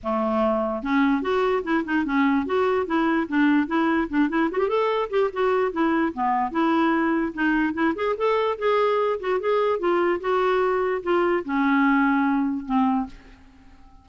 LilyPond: \new Staff \with { instrumentName = "clarinet" } { \time 4/4 \tempo 4 = 147 a2 cis'4 fis'4 | e'8 dis'8 cis'4 fis'4 e'4 | d'4 e'4 d'8 e'8 fis'16 g'16 a'8~ | a'8 g'8 fis'4 e'4 b4 |
e'2 dis'4 e'8 gis'8 | a'4 gis'4. fis'8 gis'4 | f'4 fis'2 f'4 | cis'2. c'4 | }